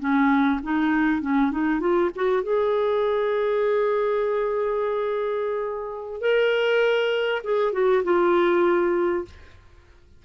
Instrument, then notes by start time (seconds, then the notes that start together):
clarinet
0.00 C#4
0.63 D#4
1.22 C#4
1.52 D#4
1.80 F4
2.16 F#4
2.43 G#4
6.21 A#4
7.44 G#4
7.73 F#4
8.04 F4